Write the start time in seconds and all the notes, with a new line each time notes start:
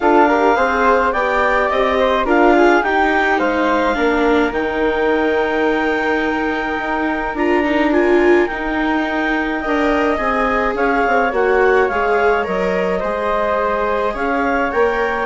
0.00 D4 F4 A4 F5
0.27 G4 A#4
0.56 C4 G#4 C5
1.12 B3 G4 D5 G5
1.68 C4 D#5
1.98 C5
2.25 D4 F4 A#4 F5
2.56 G#4
2.82 D#4 G4 G5
3.39 G#3 C5 F5
3.94 A#3 D4 A#4
4.52 D#3 D#4 G5
6.78 D#4
7.34 D4 F4 A#5
7.64 D#4
7.92 F4 G#5
8.46 D#4 G5
9.60 D4 A#4 D#5
10.17 C4 G#4 G#5
10.74 C#4 C#5 F5
11.07 C4
11.32 A#3 F#4 F#5
11.88 G#3 G#4 F5
12.44 F#3 A#4 D#5
12.99 G#3 G#4 C5
14.13 C#4 C#5 F5
14.71 A#3 A#4 G5